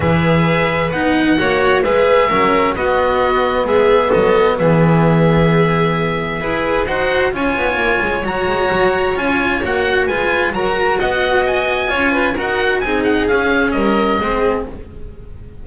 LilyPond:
<<
  \new Staff \with { instrumentName = "oboe" } { \time 4/4 \tempo 4 = 131 e''2 fis''2 | e''2 dis''2 | e''4 dis''4 e''2~ | e''2. fis''4 |
gis''2 ais''2 | gis''4 fis''4 gis''4 ais''4 | fis''4 gis''2 fis''4 | gis''8 fis''8 f''4 dis''2 | }
  \new Staff \with { instrumentName = "violin" } { \time 4/4 b'2. cis''4 | b'4 ais'4 fis'2 | gis'4 a'4 gis'2~ | gis'2 b'4 c''4 |
cis''1~ | cis''2 b'4 ais'4 | dis''2 cis''8 b'8 ais'4 | gis'2 ais'4 gis'4 | }
  \new Staff \with { instrumentName = "cello" } { \time 4/4 gis'2 dis'4 fis'4 | gis'4 cis'4 b2~ | b1~ | b2 gis'4 fis'4 |
f'2 fis'2 | f'4 fis'4 f'4 fis'4~ | fis'2 f'4 fis'4 | dis'4 cis'2 c'4 | }
  \new Staff \with { instrumentName = "double bass" } { \time 4/4 e2 b4 ais4 | gis4 fis4 b2 | gis4 fis4 e2~ | e2 e'4 dis'4 |
cis'8 b8 ais8 gis8 fis8 gis8 fis4 | cis'4 ais4 gis4 fis4 | b2 cis'4 dis'4 | c'4 cis'4 g4 gis4 | }
>>